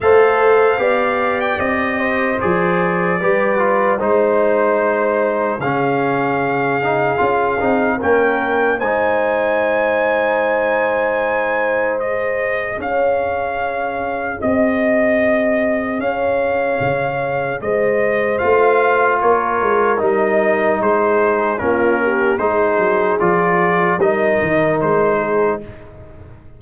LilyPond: <<
  \new Staff \with { instrumentName = "trumpet" } { \time 4/4 \tempo 4 = 75 f''4.~ f''16 g''16 dis''4 d''4~ | d''4 c''2 f''4~ | f''2 g''4 gis''4~ | gis''2. dis''4 |
f''2 dis''2 | f''2 dis''4 f''4 | cis''4 dis''4 c''4 ais'4 | c''4 d''4 dis''4 c''4 | }
  \new Staff \with { instrumentName = "horn" } { \time 4/4 c''4 d''4. c''4. | b'4 c''2 gis'4~ | gis'2 ais'4 c''4~ | c''1 |
cis''2 dis''2 | cis''2 c''2 | ais'2 gis'4 f'8 g'8 | gis'2 ais'4. gis'8 | }
  \new Staff \with { instrumentName = "trombone" } { \time 4/4 a'4 g'2 gis'4 | g'8 f'8 dis'2 cis'4~ | cis'8 dis'8 f'8 dis'8 cis'4 dis'4~ | dis'2. gis'4~ |
gis'1~ | gis'2. f'4~ | f'4 dis'2 cis'4 | dis'4 f'4 dis'2 | }
  \new Staff \with { instrumentName = "tuba" } { \time 4/4 a4 b4 c'4 f4 | g4 gis2 cis4~ | cis4 cis'8 c'8 ais4 gis4~ | gis1 |
cis'2 c'2 | cis'4 cis4 gis4 a4 | ais8 gis8 g4 gis4 ais4 | gis8 fis8 f4 g8 dis8 gis4 | }
>>